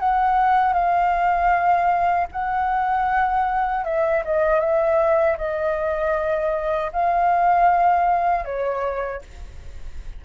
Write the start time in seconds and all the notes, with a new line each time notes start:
0.00 F#5
0.74 F5
2.32 F#5
3.85 E5
4.26 D#5
4.60 E5
5.38 D#5
6.93 F5
8.45 C#5